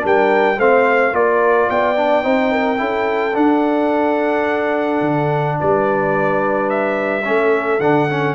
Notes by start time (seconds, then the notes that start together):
0.00 G3 D4 A#4
0.06 G5
0.57 A3 C4 C5 F5
1.12 A#3 F4 A#4 D5
1.69 B3 D5 G5
1.95 D4
2.23 C4 D#4 C5
2.51 A#4
2.76 C#4 E4 A4
3.33 D4 F#5
5.00 D3
5.60 G3 B4 D5
6.69 E5
7.24 A3 C#4 A4
7.79 D3 D4 F#5
8.10 C#4